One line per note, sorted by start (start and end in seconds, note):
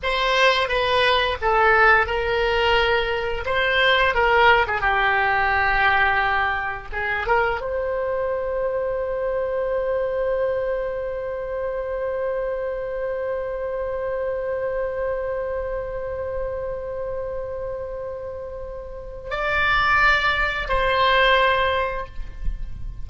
0.03 0.68 C5
0.68 1.37 B4
1.41 2.06 A4
2.06 3.44 A#4
3.45 4.14 C5
4.14 4.66 A#4
4.67 4.81 G#4
4.81 6.88 G4
6.92 7.26 G#4
7.26 7.61 A#4
7.61 19.30 C5
19.30 20.68 D5
20.68 22.06 C5